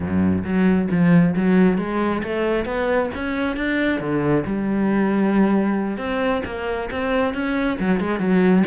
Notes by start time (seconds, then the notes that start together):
0.00 F#2
0.43 F#3
0.90 F3
1.36 F#3
1.78 G#3
2.23 A3
2.65 B3
3.14 C#4
3.56 D4
4.00 D3
4.46 G3
5.97 C4
6.45 A#3
6.91 C4
7.34 C#4
7.79 F#3
7.99 G#3
8.19 F#3